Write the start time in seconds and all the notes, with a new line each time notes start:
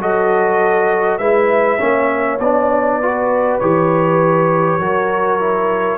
0.00 F#3 F#4 A4 D#5
1.19 G#3 E4 B4 E5
1.79 A#3 C#4 C#5
2.40 B3 D4 D5
3.01 F#4 B4
3.60 E3 G4 C#5
4.79 F#3 F#4 A#4
5.41 E4